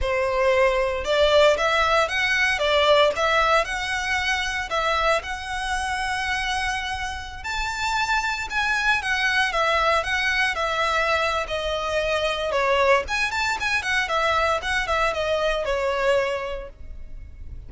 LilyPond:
\new Staff \with { instrumentName = "violin" } { \time 4/4 \tempo 4 = 115 c''2 d''4 e''4 | fis''4 d''4 e''4 fis''4~ | fis''4 e''4 fis''2~ | fis''2~ fis''16 a''4.~ a''16~ |
a''16 gis''4 fis''4 e''4 fis''8.~ | fis''16 e''4.~ e''16 dis''2 | cis''4 gis''8 a''8 gis''8 fis''8 e''4 | fis''8 e''8 dis''4 cis''2 | }